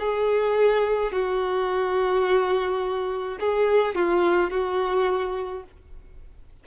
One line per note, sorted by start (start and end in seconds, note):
0.00 1.13 G#4
1.13 3.39 F#4
3.41 3.96 G#4
3.96 4.51 F4
4.51 5.64 F#4